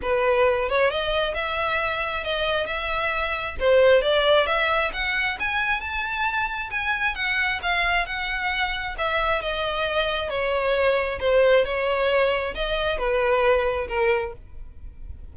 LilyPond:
\new Staff \with { instrumentName = "violin" } { \time 4/4 \tempo 4 = 134 b'4. cis''8 dis''4 e''4~ | e''4 dis''4 e''2 | c''4 d''4 e''4 fis''4 | gis''4 a''2 gis''4 |
fis''4 f''4 fis''2 | e''4 dis''2 cis''4~ | cis''4 c''4 cis''2 | dis''4 b'2 ais'4 | }